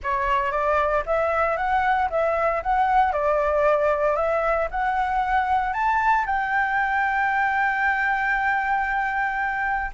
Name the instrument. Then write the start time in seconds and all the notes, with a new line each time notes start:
flute
0.03 C#5
0.51 D5
1.06 E5
1.57 F#5
2.10 E5
2.63 F#5
3.12 D5
4.15 E5
4.71 F#5
5.73 A5
6.26 G5